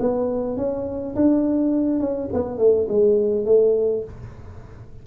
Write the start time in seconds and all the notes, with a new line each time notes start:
0.00 B3
0.57 C#4
1.16 D4
2.00 C#4
2.33 B3
2.58 A3
2.89 G#3
3.46 A3